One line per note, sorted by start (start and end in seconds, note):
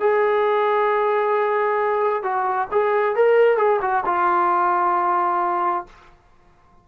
0.00 2.23 G#4
2.23 2.68 F#4
2.71 3.15 G#4
3.15 3.57 A#4
3.57 3.80 G#4
3.81 4.04 F#4
4.05 5.86 F4